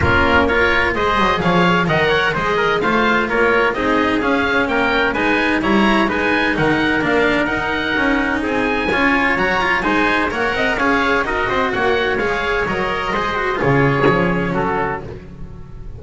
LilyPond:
<<
  \new Staff \with { instrumentName = "oboe" } { \time 4/4 \tempo 4 = 128 ais'4 cis''4 dis''4 f''4 | fis''4 dis''4 f''4 cis''4 | dis''4 f''4 g''4 gis''4 | ais''4 gis''4 fis''4 f''4 |
fis''2 gis''2 | ais''4 gis''4 fis''4 f''4 | dis''4 fis''4 f''4 dis''4~ | dis''4 cis''2 a'4 | }
  \new Staff \with { instrumentName = "trumpet" } { \time 4/4 f'4 ais'4 c''4 cis''4 | dis''8 cis''8 c''8 ais'8 c''4 ais'4 | gis'2 ais'4 b'4 | cis''4 b'4 ais'2~ |
ais'2 gis'4 cis''4~ | cis''4 c''4 cis''8 dis''8 cis''4 | ais'8 c''8 cis''2. | c''4 gis'2 fis'4 | }
  \new Staff \with { instrumentName = "cello" } { \time 4/4 cis'4 f'4 gis'2 | ais'4 gis'4 f'2 | dis'4 cis'2 dis'4 | e'4 dis'2 d'4 |
dis'2. f'4 | fis'8 f'8 dis'4 ais'4 gis'4 | fis'2 gis'4 ais'4 | gis'8 fis'8 f'4 cis'2 | }
  \new Staff \with { instrumentName = "double bass" } { \time 4/4 ais2 gis8 fis8 f4 | dis4 gis4 a4 ais4 | c'4 cis'4 ais4 gis4 | g4 gis4 dis4 ais4 |
dis'4 cis'4 c'4 cis'4 | fis4 gis4 ais8 c'8 cis'4 | dis'8 c'8 ais4 gis4 fis4 | gis4 cis4 f4 fis4 | }
>>